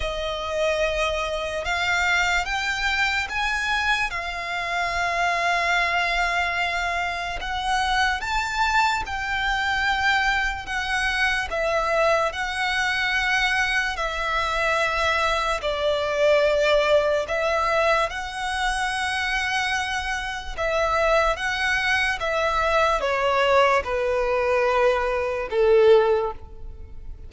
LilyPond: \new Staff \with { instrumentName = "violin" } { \time 4/4 \tempo 4 = 73 dis''2 f''4 g''4 | gis''4 f''2.~ | f''4 fis''4 a''4 g''4~ | g''4 fis''4 e''4 fis''4~ |
fis''4 e''2 d''4~ | d''4 e''4 fis''2~ | fis''4 e''4 fis''4 e''4 | cis''4 b'2 a'4 | }